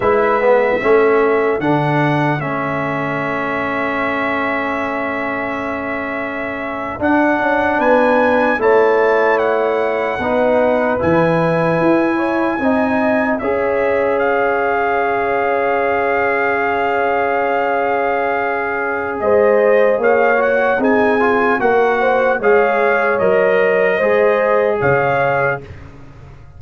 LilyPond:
<<
  \new Staff \with { instrumentName = "trumpet" } { \time 4/4 \tempo 4 = 75 e''2 fis''4 e''4~ | e''1~ | e''8. fis''4 gis''4 a''4 fis''16~ | fis''4.~ fis''16 gis''2~ gis''16~ |
gis''8. e''4 f''2~ f''16~ | f''1 | dis''4 f''8 fis''8 gis''4 fis''4 | f''4 dis''2 f''4 | }
  \new Staff \with { instrumentName = "horn" } { \time 4/4 b'4 a'2.~ | a'1~ | a'4.~ a'16 b'4 cis''4~ cis''16~ | cis''8. b'2~ b'8 cis''8 dis''16~ |
dis''8. cis''2.~ cis''16~ | cis''1 | c''4 cis''4 gis'4 ais'8 c''8 | cis''2 c''4 cis''4 | }
  \new Staff \with { instrumentName = "trombone" } { \time 4/4 e'8 b8 cis'4 d'4 cis'4~ | cis'1~ | cis'8. d'2 e'4~ e'16~ | e'8. dis'4 e'2 dis'16~ |
dis'8. gis'2.~ gis'16~ | gis'1~ | gis'4. fis'8 dis'8 f'8 fis'4 | gis'4 ais'4 gis'2 | }
  \new Staff \with { instrumentName = "tuba" } { \time 4/4 gis4 a4 d4 a4~ | a1~ | a8. d'8 cis'8 b4 a4~ a16~ | a8. b4 e4 e'4 c'16~ |
c'8. cis'2.~ cis'16~ | cis'1 | gis4 ais4 c'4 ais4 | gis4 fis4 gis4 cis4 | }
>>